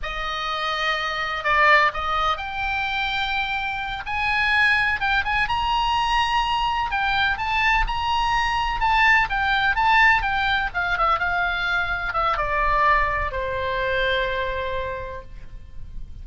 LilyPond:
\new Staff \with { instrumentName = "oboe" } { \time 4/4 \tempo 4 = 126 dis''2. d''4 | dis''4 g''2.~ | g''8 gis''2 g''8 gis''8 ais''8~ | ais''2~ ais''8 g''4 a''8~ |
a''8 ais''2 a''4 g''8~ | g''8 a''4 g''4 f''8 e''8 f''8~ | f''4. e''8 d''2 | c''1 | }